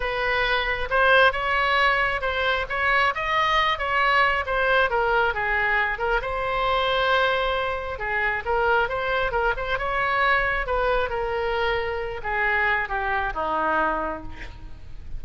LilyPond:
\new Staff \with { instrumentName = "oboe" } { \time 4/4 \tempo 4 = 135 b'2 c''4 cis''4~ | cis''4 c''4 cis''4 dis''4~ | dis''8 cis''4. c''4 ais'4 | gis'4. ais'8 c''2~ |
c''2 gis'4 ais'4 | c''4 ais'8 c''8 cis''2 | b'4 ais'2~ ais'8 gis'8~ | gis'4 g'4 dis'2 | }